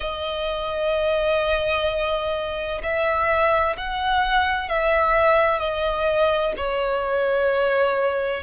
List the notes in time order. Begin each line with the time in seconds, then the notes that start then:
0.00 D#5
2.82 E5
3.77 F#5
4.68 E5
5.59 D#5
6.56 C#5